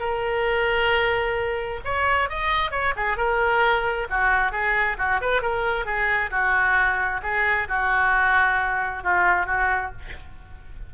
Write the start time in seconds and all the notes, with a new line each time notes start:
0.00 A#4
1.85 C#5
2.30 D#5
2.71 C#5
2.97 G#4
3.17 A#4
4.10 F#4
4.52 G#4
4.98 F#4
5.21 B4
5.42 A#4
5.85 G#4
6.31 F#4
7.23 G#4
7.69 F#4
9.03 F4
9.47 F#4